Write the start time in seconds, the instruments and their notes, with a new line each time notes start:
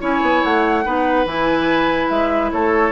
0.00 bassoon C#4, clarinet E4, oboe C#5, flute G#5
0.21 bassoon B3
0.43 bassoon A3, flute F#5
0.85 bassoon B3, clarinet D#4, oboe B4
1.25 bassoon E3, clarinet E4, flute G#5
2.09 bassoon G#3, flute E5
2.52 bassoon A3, oboe A4, flute C#5